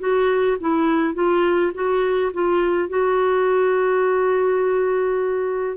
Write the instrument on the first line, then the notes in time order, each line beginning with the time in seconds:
clarinet
0.00 F#4
0.61 E4
1.15 F4
1.75 F#4
2.34 F4
2.89 F#4